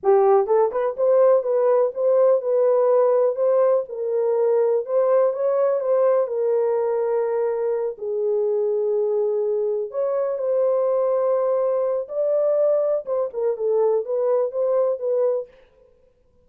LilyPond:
\new Staff \with { instrumentName = "horn" } { \time 4/4 \tempo 4 = 124 g'4 a'8 b'8 c''4 b'4 | c''4 b'2 c''4 | ais'2 c''4 cis''4 | c''4 ais'2.~ |
ais'8 gis'2.~ gis'8~ | gis'8 cis''4 c''2~ c''8~ | c''4 d''2 c''8 ais'8 | a'4 b'4 c''4 b'4 | }